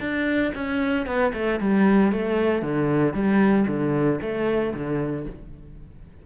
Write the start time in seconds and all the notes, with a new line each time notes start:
0.00 D4
0.55 C#4
1.06 B3
1.34 A3
1.60 G3
2.12 A3
2.62 D3
3.14 G3
3.68 D3
4.22 A3
4.74 D3